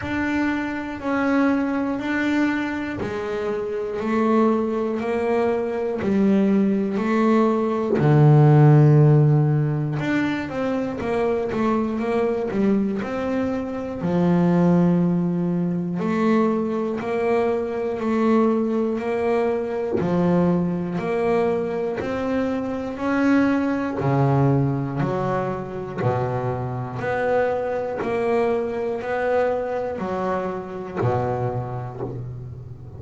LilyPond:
\new Staff \with { instrumentName = "double bass" } { \time 4/4 \tempo 4 = 60 d'4 cis'4 d'4 gis4 | a4 ais4 g4 a4 | d2 d'8 c'8 ais8 a8 | ais8 g8 c'4 f2 |
a4 ais4 a4 ais4 | f4 ais4 c'4 cis'4 | cis4 fis4 b,4 b4 | ais4 b4 fis4 b,4 | }